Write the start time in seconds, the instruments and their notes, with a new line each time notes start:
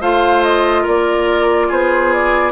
0.00 bassoon A3, clarinet F4, oboe C5, flute F5
0.43 flute D#5
0.82 bassoon A#3, oboe A#4, flute D5
1.68 bassoon B3, oboe G#4, flute C5
2.13 flute D5